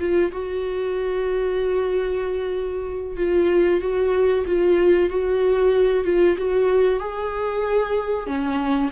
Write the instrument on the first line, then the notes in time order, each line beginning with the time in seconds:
viola
0.00 F4
0.32 F#4
3.17 F4
3.81 F#4
4.47 F4
5.10 F#4
6.05 F4
6.38 F#4
7.00 G#4
8.27 C#4